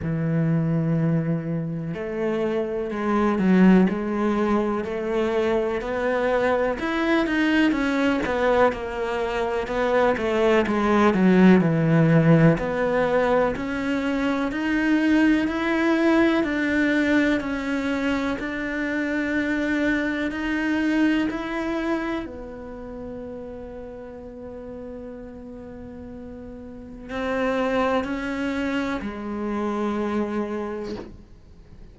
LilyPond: \new Staff \with { instrumentName = "cello" } { \time 4/4 \tempo 4 = 62 e2 a4 gis8 fis8 | gis4 a4 b4 e'8 dis'8 | cis'8 b8 ais4 b8 a8 gis8 fis8 | e4 b4 cis'4 dis'4 |
e'4 d'4 cis'4 d'4~ | d'4 dis'4 e'4 b4~ | b1 | c'4 cis'4 gis2 | }